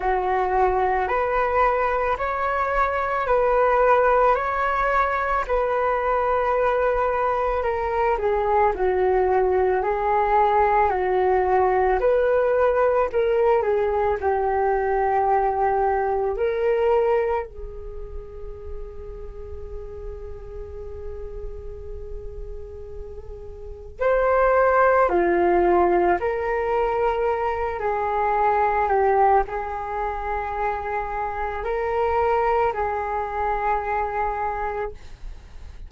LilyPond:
\new Staff \with { instrumentName = "flute" } { \time 4/4 \tempo 4 = 55 fis'4 b'4 cis''4 b'4 | cis''4 b'2 ais'8 gis'8 | fis'4 gis'4 fis'4 b'4 | ais'8 gis'8 g'2 ais'4 |
gis'1~ | gis'2 c''4 f'4 | ais'4. gis'4 g'8 gis'4~ | gis'4 ais'4 gis'2 | }